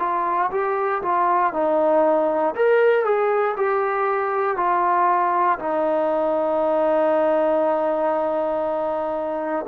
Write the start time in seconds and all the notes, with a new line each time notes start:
0.00 F4
0.51 G4
1.03 F4
1.53 D#4
2.56 A#4
3.05 G#4
3.57 G4
4.57 F4
5.60 D#4